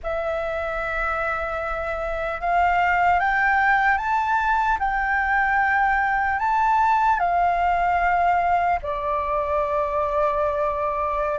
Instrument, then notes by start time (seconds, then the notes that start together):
flute
0.03 E5
2.40 F5
3.19 G5
3.97 A5
4.79 G5
6.39 A5
7.19 F5
8.82 D5